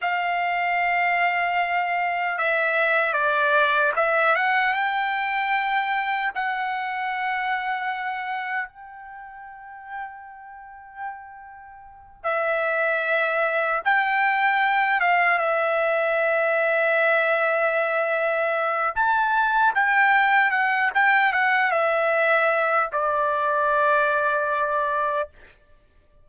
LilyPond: \new Staff \with { instrumentName = "trumpet" } { \time 4/4 \tempo 4 = 76 f''2. e''4 | d''4 e''8 fis''8 g''2 | fis''2. g''4~ | g''2.~ g''8 e''8~ |
e''4. g''4. f''8 e''8~ | e''1 | a''4 g''4 fis''8 g''8 fis''8 e''8~ | e''4 d''2. | }